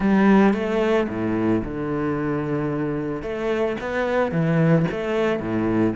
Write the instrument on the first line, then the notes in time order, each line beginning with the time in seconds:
cello
0.00 G3
0.53 A3
1.08 A2
1.64 D3
3.22 A3
3.80 B3
4.31 E3
4.91 A3
5.39 A2